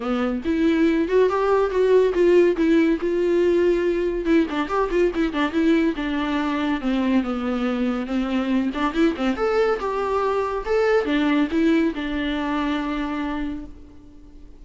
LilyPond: \new Staff \with { instrumentName = "viola" } { \time 4/4 \tempo 4 = 141 b4 e'4. fis'8 g'4 | fis'4 f'4 e'4 f'4~ | f'2 e'8 d'8 g'8 f'8 | e'8 d'8 e'4 d'2 |
c'4 b2 c'4~ | c'8 d'8 e'8 c'8 a'4 g'4~ | g'4 a'4 d'4 e'4 | d'1 | }